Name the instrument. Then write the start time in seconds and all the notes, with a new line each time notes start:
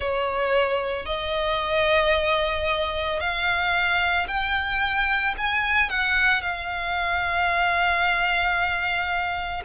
violin
0.00 C#5
1.05 D#5
3.19 F5
4.27 G5
5.37 G#5
5.89 F#5
6.41 F5